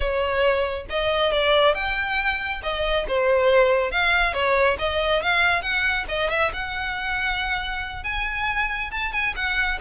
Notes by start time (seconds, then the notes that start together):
0.00 C#5
0.89 D#5
1.32 D5
1.74 G5
2.62 D#5
3.08 C5
3.91 F5
4.33 C#5
4.78 D#5
5.22 F5
5.61 F#5
6.08 D#5
6.30 E5
6.53 F#5
8.03 G#5
8.91 A5
9.12 G#5
9.36 F#5